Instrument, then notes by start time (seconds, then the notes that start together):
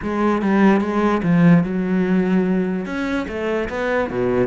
cello
0.02 G#3
0.41 G3
0.81 G#3
1.22 F3
1.63 F#3
2.85 C#4
3.28 A3
3.69 B3
4.10 B2